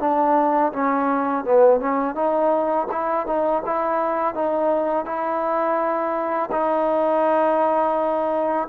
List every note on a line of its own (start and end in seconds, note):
0.00 0.72 D4
0.73 1.45 C#4
1.45 1.80 B3
1.80 2.15 C#4
2.15 2.88 D#4
2.91 3.27 E4
3.27 3.63 D#4
3.66 4.35 E4
4.35 5.05 D#4
5.05 6.50 E4
6.52 8.68 D#4